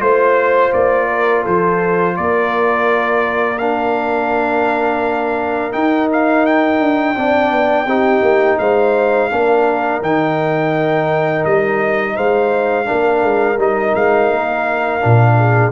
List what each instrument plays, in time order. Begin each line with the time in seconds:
0.00 tuba A3, trombone F4, trumpet C5, horn C5
0.74 tuba A#3, trumpet D5
1.08 horn A#4
1.43 tuba F3, horn A4, trumpet C5
2.17 tuba A#3, horn A#4, trumpet D5
3.58 trombone D4, trumpet F5
5.72 trombone D#4, tuba D#4, trumpet G5
6.13 trumpet F5
6.46 trumpet G5
6.81 tuba D4
7.15 tuba C4, trombone D4, horn D5
7.51 tuba B3
7.86 tuba C4, trombone D#4, horn G4
8.22 tuba A#3
8.59 tuba G#3, horn C5, trumpet F5
9.31 tuba A#3, trombone D4, horn A#4
10.02 tuba D#3, trombone D#4, trumpet G5
11.45 tuba G3, trumpet D#5
12.15 tuba G#3, horn C5, trumpet F5
12.86 trombone D4, horn A#4
12.92 tuba A#3
13.23 tuba G#3
13.58 tuba G3, trombone D#4, trumpet D#5
13.96 tuba G#3, trumpet F5
14.31 tuba A#3
15.01 tuba A#2, trombone D4
15.37 horn G#4